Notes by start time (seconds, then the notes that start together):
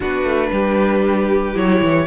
0.00 B3 D4 F#4 B4
0.24 A3
0.51 G3 G4
1.54 F#3 E4 C#5
1.81 E3